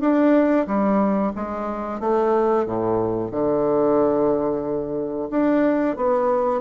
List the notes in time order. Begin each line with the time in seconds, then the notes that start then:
0.00 D4
0.66 G3
1.35 G#3
2.00 A3
2.65 A2
3.31 D3
5.30 D4
5.96 B3